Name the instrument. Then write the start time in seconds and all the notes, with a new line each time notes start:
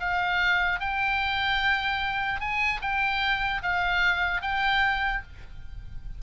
oboe
0.00 F5
0.80 G5
2.40 G#5
2.82 G5
3.62 F5
4.42 G5